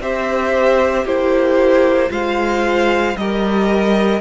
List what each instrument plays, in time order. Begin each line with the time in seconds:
0.00 cello C4, viola G4, violin C5 E5
1.04 cello A#3, viola E4, violin G4 C5
2.09 cello G#3, viola F4, violin C5 F5
3.16 cello G3, viola G4, violin A#4 D#5